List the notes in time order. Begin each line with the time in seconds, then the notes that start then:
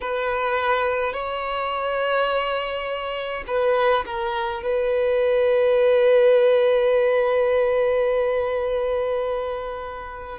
0.01 B4
1.13 C#5
3.47 B4
4.05 A#4
4.62 B4